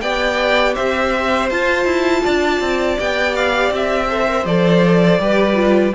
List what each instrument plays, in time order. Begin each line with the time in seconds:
0.00 cello B3, viola G4, violin D5 G5
0.74 cello C4, violin C5 E5
1.50 cello F4, viola F4, violin A5
1.85 cello E4
2.23 cello D4, violin D5
2.60 cello C4
2.98 cello B3, viola G4, violin G5
3.35 violin F5
3.70 cello C4, violin E5
4.08 viola A4, violin C5
4.27 viola A#4
4.45 cello F3, viola A4, violin D5
5.19 cello G3, viola G4, violin B4
5.54 viola F4